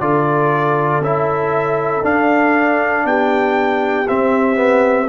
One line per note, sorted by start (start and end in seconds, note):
0.00 1.00 D3
0.00 1.03 F4
0.00 3.06 A4
0.00 1.02 D5
1.00 2.02 C#4
1.00 2.03 E4
1.00 2.05 E5
2.03 4.06 D4
2.03 3.05 D4
2.03 3.06 F5
3.05 4.06 B3
3.05 5.09 G4
3.05 4.08 G5
4.08 4.55 C4
4.08 5.09 C4
4.08 5.09 E5
4.55 5.06 B3